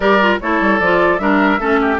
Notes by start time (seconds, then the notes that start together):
0.00 G3 G4 A#4 D5
0.21 F4
0.41 A3 E4 A4 C#5
0.60 G3
0.79 F3 F4 D5
1.18 G3 D4 A#4 E5
1.59 A3 C#4 A4
1.81 G4